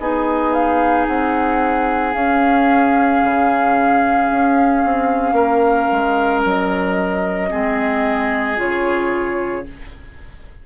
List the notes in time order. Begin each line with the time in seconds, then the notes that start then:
0.00 B3 D#4 G#4 D#5
0.53 F5
1.08 C4 F#5
2.14 C#4 F5
3.24 C#3
4.31 C#4
4.85 C4
5.33 A#3 A#4
5.92 G#3
6.45 F#3 D#5
7.50 G#3 C4 G#4
8.57 C#3 F4 C#5